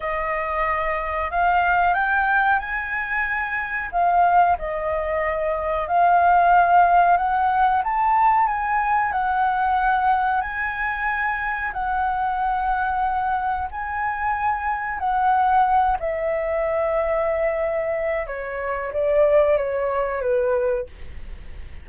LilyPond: \new Staff \with { instrumentName = "flute" } { \time 4/4 \tempo 4 = 92 dis''2 f''4 g''4 | gis''2 f''4 dis''4~ | dis''4 f''2 fis''4 | a''4 gis''4 fis''2 |
gis''2 fis''2~ | fis''4 gis''2 fis''4~ | fis''8 e''2.~ e''8 | cis''4 d''4 cis''4 b'4 | }